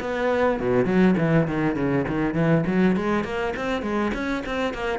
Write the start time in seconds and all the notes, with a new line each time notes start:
0.00 B3
0.60 B2
0.85 F#3
1.17 E3
1.47 D#3
1.76 C#3
2.08 D#3
2.34 E3
2.67 F#3
2.96 G#3
3.24 A#3
3.56 C4
3.82 G#3
4.14 C#4
4.46 C4
4.74 A#3